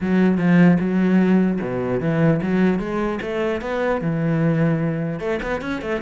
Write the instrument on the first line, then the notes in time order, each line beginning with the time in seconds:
cello
0.00 F#3
0.37 F3
0.79 F#3
1.61 B2
2.00 E3
2.42 F#3
2.79 G#3
3.21 A3
3.61 B3
4.01 E3
5.19 A3
5.42 B3
5.61 C#4
5.81 A3